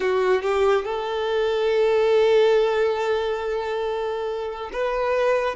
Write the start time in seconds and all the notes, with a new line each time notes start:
0.00 F#4
0.42 G4
0.85 A4
4.72 B4